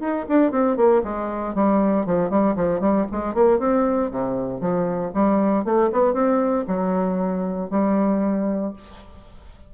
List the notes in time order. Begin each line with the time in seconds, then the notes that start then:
0.00 D#4
0.29 D4
0.52 C4
0.77 A#3
1.03 G#3
1.55 G3
2.06 F3
2.30 G3
2.56 F3
2.81 G3
3.12 G#3
3.34 A#3
3.59 C4
4.11 C3
4.61 F3
5.14 G3
5.65 A3
5.93 B3
6.14 C4
6.68 F#3
7.71 G3